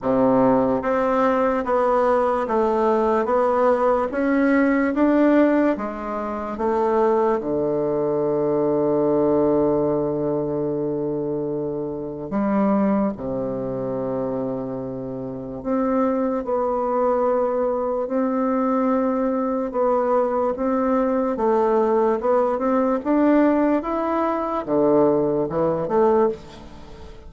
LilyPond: \new Staff \with { instrumentName = "bassoon" } { \time 4/4 \tempo 4 = 73 c4 c'4 b4 a4 | b4 cis'4 d'4 gis4 | a4 d2.~ | d2. g4 |
c2. c'4 | b2 c'2 | b4 c'4 a4 b8 c'8 | d'4 e'4 d4 e8 a8 | }